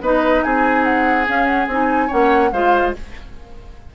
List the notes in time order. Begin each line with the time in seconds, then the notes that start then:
0.00 B3 D#4 B4 D#5
0.43 C4 G#4 G#5
0.84 F#5
1.25 C#4 F5
1.45 F#5
1.67 C4 D#4 G#5
2.07 A#3 C#4 C#5 F#5
2.52 G#3 F4 C5 F5